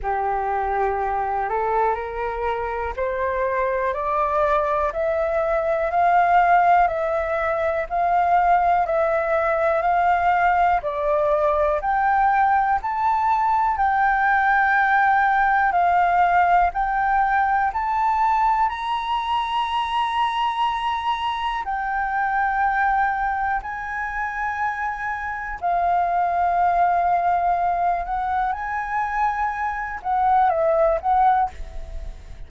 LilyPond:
\new Staff \with { instrumentName = "flute" } { \time 4/4 \tempo 4 = 61 g'4. a'8 ais'4 c''4 | d''4 e''4 f''4 e''4 | f''4 e''4 f''4 d''4 | g''4 a''4 g''2 |
f''4 g''4 a''4 ais''4~ | ais''2 g''2 | gis''2 f''2~ | f''8 fis''8 gis''4. fis''8 e''8 fis''8 | }